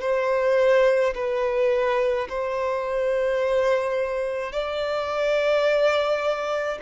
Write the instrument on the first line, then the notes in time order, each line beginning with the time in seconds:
violin
0.00 C5
1.14 B4
2.29 C5
4.52 D5